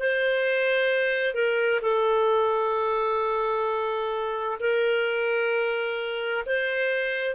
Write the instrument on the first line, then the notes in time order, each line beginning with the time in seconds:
clarinet
0.00 C5
1.35 A#4
1.82 A4
4.60 A#4
6.47 C5